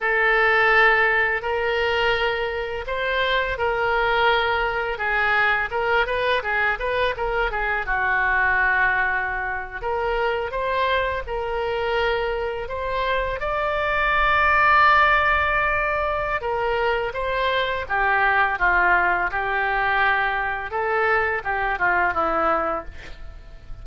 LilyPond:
\new Staff \with { instrumentName = "oboe" } { \time 4/4 \tempo 4 = 84 a'2 ais'2 | c''4 ais'2 gis'4 | ais'8 b'8 gis'8 b'8 ais'8 gis'8 fis'4~ | fis'4.~ fis'16 ais'4 c''4 ais'16~ |
ais'4.~ ais'16 c''4 d''4~ d''16~ | d''2. ais'4 | c''4 g'4 f'4 g'4~ | g'4 a'4 g'8 f'8 e'4 | }